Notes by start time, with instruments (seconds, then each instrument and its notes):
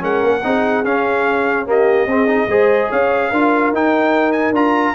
0.00 tuba G#3, trombone C#4, horn A#4, trumpet F#5
0.23 tuba A#3
0.44 tuba C4, trombone D#4, horn G#4
0.84 tuba C#4, trombone C#4, trumpet F5
1.66 trombone A#3, horn G4, trumpet D#5
2.07 tuba C4, trombone C4, horn G#4
2.27 trombone D#4
2.48 tuba G#3, trombone G#4, horn C5
2.89 tuba C#4, horn C#5, trumpet F5
3.30 tuba D4, trombone F4, horn A#4
3.73 tuba D#4, trombone D#4, trumpet G5
4.32 trumpet G#5
4.52 tuba D4, trombone F4, trumpet A#5